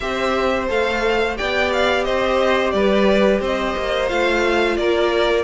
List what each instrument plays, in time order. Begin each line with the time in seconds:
0.00 cello C4, viola G4, violin C5 E5
0.67 cello A3, viola A4, violin F5
1.36 cello B3, viola G4, violin D5 G5
1.72 violin F5
2.04 cello C4, violin C5 D#5
2.71 cello G3, violin B4 D5
3.40 cello C4, violin C5 D#5
3.77 cello A#3
4.08 cello A3, viola F4, violin F5
4.77 cello A#3, violin A#4 D5